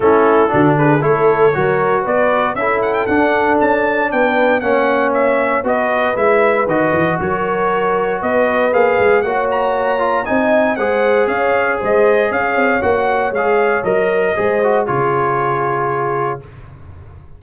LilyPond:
<<
  \new Staff \with { instrumentName = "trumpet" } { \time 4/4 \tempo 4 = 117 a'4. b'8 cis''2 | d''4 e''8 fis''16 g''16 fis''4 a''4 | g''4 fis''4 e''4 dis''4 | e''4 dis''4 cis''2 |
dis''4 f''4 fis''8 ais''4. | gis''4 fis''4 f''4 dis''4 | f''4 fis''4 f''4 dis''4~ | dis''4 cis''2. | }
  \new Staff \with { instrumentName = "horn" } { \time 4/4 e'4 fis'8 gis'8 a'4 ais'4 | b'4 a'2. | b'4 cis''2 b'4~ | b'2 ais'2 |
b'2 cis''2 | dis''4 c''4 cis''4 c''4 | cis''1 | c''4 gis'2. | }
  \new Staff \with { instrumentName = "trombone" } { \time 4/4 cis'4 d'4 e'4 fis'4~ | fis'4 e'4 d'2~ | d'4 cis'2 fis'4 | e'4 fis'2.~ |
fis'4 gis'4 fis'4. f'8 | dis'4 gis'2.~ | gis'4 fis'4 gis'4 ais'4 | gis'8 fis'8 f'2. | }
  \new Staff \with { instrumentName = "tuba" } { \time 4/4 a4 d4 a4 fis4 | b4 cis'4 d'4 cis'4 | b4 ais2 b4 | gis4 dis8 e8 fis2 |
b4 ais8 gis8 ais2 | c'4 gis4 cis'4 gis4 | cis'8 c'8 ais4 gis4 fis4 | gis4 cis2. | }
>>